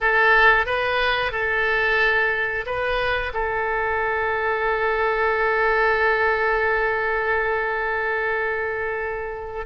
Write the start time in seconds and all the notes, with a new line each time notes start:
0.00 A4
0.65 B4
1.32 A4
2.65 B4
3.33 A4